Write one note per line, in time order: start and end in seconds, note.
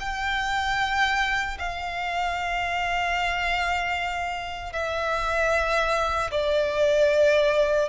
0.00 1.58 G5
1.59 4.73 F5
4.73 6.31 E5
6.31 7.89 D5